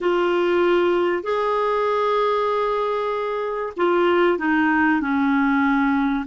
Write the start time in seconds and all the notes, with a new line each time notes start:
0.00 F4
1.23 G#4
3.76 F4
4.38 D#4
5.00 C#4